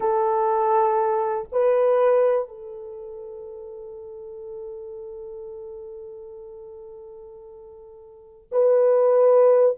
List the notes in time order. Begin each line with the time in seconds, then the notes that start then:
0.00 A4
1.52 B4
2.48 A4
8.51 B4